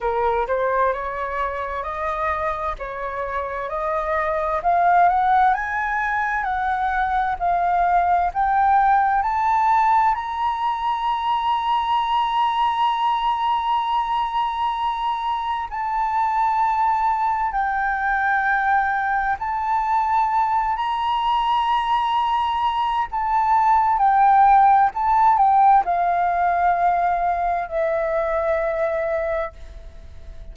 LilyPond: \new Staff \with { instrumentName = "flute" } { \time 4/4 \tempo 4 = 65 ais'8 c''8 cis''4 dis''4 cis''4 | dis''4 f''8 fis''8 gis''4 fis''4 | f''4 g''4 a''4 ais''4~ | ais''1~ |
ais''4 a''2 g''4~ | g''4 a''4. ais''4.~ | ais''4 a''4 g''4 a''8 g''8 | f''2 e''2 | }